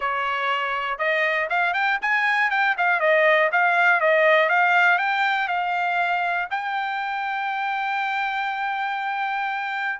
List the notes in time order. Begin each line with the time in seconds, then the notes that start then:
0.00 C#5
0.98 D#5
1.49 F5
1.73 G5
2.01 G#5
2.50 G5
2.77 F5
3.00 D#5
3.52 F5
4.00 D#5
4.49 F5
4.98 G5
5.47 F5
6.50 G5